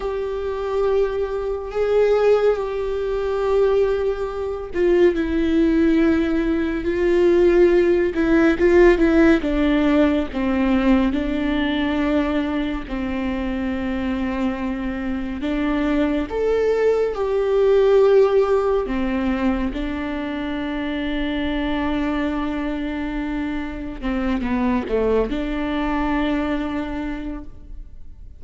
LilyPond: \new Staff \with { instrumentName = "viola" } { \time 4/4 \tempo 4 = 70 g'2 gis'4 g'4~ | g'4. f'8 e'2 | f'4. e'8 f'8 e'8 d'4 | c'4 d'2 c'4~ |
c'2 d'4 a'4 | g'2 c'4 d'4~ | d'1 | c'8 b8 a8 d'2~ d'8 | }